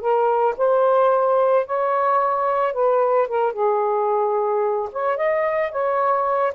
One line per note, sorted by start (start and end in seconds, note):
0.00 0.55 A#4
0.58 1.66 C5
1.66 2.73 C#5
2.73 3.28 B4
3.28 3.53 A#4
3.53 4.89 G#4
4.92 5.17 C#5
5.17 5.71 D#5
5.71 6.53 C#5